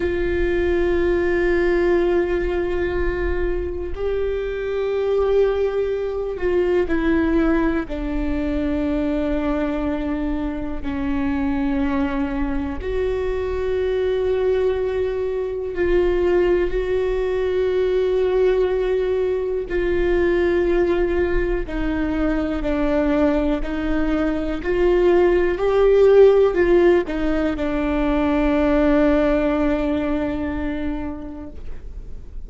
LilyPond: \new Staff \with { instrumentName = "viola" } { \time 4/4 \tempo 4 = 61 f'1 | g'2~ g'8 f'8 e'4 | d'2. cis'4~ | cis'4 fis'2. |
f'4 fis'2. | f'2 dis'4 d'4 | dis'4 f'4 g'4 f'8 dis'8 | d'1 | }